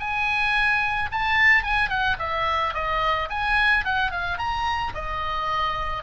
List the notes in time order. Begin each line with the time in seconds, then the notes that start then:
0.00 G#5
1.12 A5
1.63 G#5
1.89 F#5
2.19 E5
2.74 D#5
3.30 G#5
3.85 F#5
4.11 F5
4.38 A#5
4.94 D#5